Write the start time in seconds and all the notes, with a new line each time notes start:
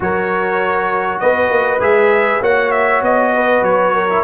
0.00 F#3 F#4 A#4 C#5
1.19 B3 B4 D#5
1.49 A#3
1.79 G#3 G#4 E5
2.41 A#3 F#4 C#5 F#5
2.71 E5
3.01 B3 D#5
3.34 B4
3.61 F#3 C#5
3.94 A#4
4.09 E4